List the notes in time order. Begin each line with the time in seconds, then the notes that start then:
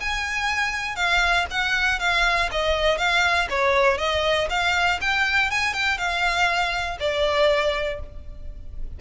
0.00 G#5
0.95 F5
1.50 F#5
1.99 F5
2.51 D#5
2.97 F5
3.49 C#5
3.97 D#5
4.50 F5
5.01 G5
5.50 G#5
5.73 G5
5.98 F5
7.00 D5